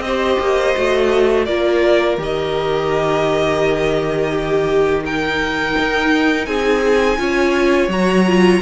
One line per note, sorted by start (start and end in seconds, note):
0.00 0.36 C4
0.00 1.47 C5
0.00 1.44 D#5
0.07 0.75 G4
0.39 0.75 A#3
0.75 1.47 A3
0.75 1.46 F#4
1.45 2.18 A#3
1.45 2.18 F4
1.45 4.32 A#4
1.45 2.17 D5
2.18 5.75 D#3
2.18 5.03 G4
2.18 5.05 D#5
4.32 5.04 G4
5.04 7.17 D#4
5.04 6.47 A#4
5.04 6.45 G5
5.78 6.46 D#4
6.45 7.18 C4
6.45 7.19 G#4
6.45 7.88 G#5
7.17 7.88 C#4
7.17 7.89 F4
7.17 8.62 C#5
7.88 8.59 F#3
7.88 8.26 F#4
7.88 8.62 A#5
8.26 8.62 F4